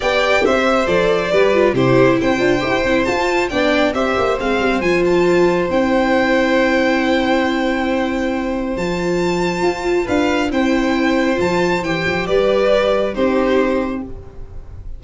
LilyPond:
<<
  \new Staff \with { instrumentName = "violin" } { \time 4/4 \tempo 4 = 137 g''4 e''4 d''2 | c''4 g''2 a''4 | g''4 e''4 f''4 gis''8 a''8~ | a''4 g''2.~ |
g''1 | a''2. f''4 | g''2 a''4 g''4 | d''2 c''2 | }
  \new Staff \with { instrumentName = "violin" } { \time 4/4 d''4 c''2 b'4 | g'4 c''2. | d''4 c''2.~ | c''1~ |
c''1~ | c''2. b'4 | c''1 | b'2 g'2 | }
  \new Staff \with { instrumentName = "viola" } { \time 4/4 g'2 a'4 g'8 f'8 | e'4. f'8 g'8 e'8 f'4 | d'4 g'4 c'4 f'4~ | f'4 e'2.~ |
e'1 | f'1 | e'2 f'4 g'4~ | g'2 dis'2 | }
  \new Staff \with { instrumentName = "tuba" } { \time 4/4 b4 c'4 f4 g4 | c4 c'8 d'8 e'8 c'8 f'4 | b4 c'8 ais8 gis8 g8 f4~ | f4 c'2.~ |
c'1 | f2 f'4 d'4 | c'2 f4 e8 f8 | g2 c'2 | }
>>